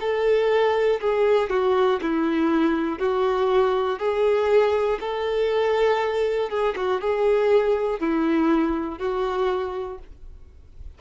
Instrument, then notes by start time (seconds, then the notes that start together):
violin
0.00 A4
1.00 G#4
1.50 F#4
2.01 E4
2.99 F#4
3.99 G#4
5.00 A4
6.49 G#4
6.76 F#4
7.00 G#4
8.00 E4
8.98 F#4